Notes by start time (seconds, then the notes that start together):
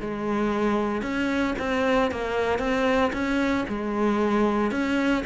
0.00 G#3
1.01 C#4
1.58 C4
2.11 A#3
2.58 C4
3.12 C#4
3.68 G#3
4.71 C#4